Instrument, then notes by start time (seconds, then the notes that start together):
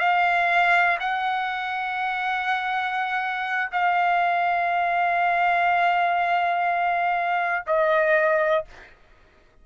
trumpet
0.00 F5
1.00 F#5
3.72 F5
7.67 D#5